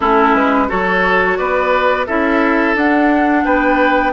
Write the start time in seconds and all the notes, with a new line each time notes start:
0.00 A3 C#4 E4 A4
0.34 G#3 B4
0.68 F#3 F#4 A4 C#5
1.37 B3 B4 D5
2.06 C#4 E4 A4 E5
2.75 D4 F#5
3.44 B3 B4 G5